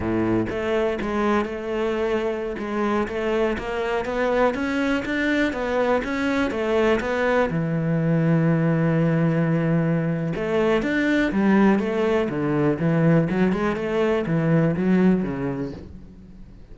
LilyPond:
\new Staff \with { instrumentName = "cello" } { \time 4/4 \tempo 4 = 122 a,4 a4 gis4 a4~ | a4~ a16 gis4 a4 ais8.~ | ais16 b4 cis'4 d'4 b8.~ | b16 cis'4 a4 b4 e8.~ |
e1~ | e4 a4 d'4 g4 | a4 d4 e4 fis8 gis8 | a4 e4 fis4 cis4 | }